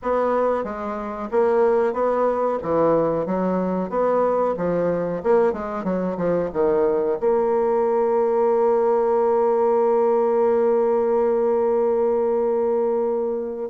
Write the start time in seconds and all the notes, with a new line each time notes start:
0.02 B3
0.63 G#3
1.31 A#3
1.93 B3
2.62 E3
3.25 F#3
3.89 B3
4.57 F3
5.23 A#3
5.53 G#3
5.84 F#3
6.17 F3
6.53 D#3
7.20 A#3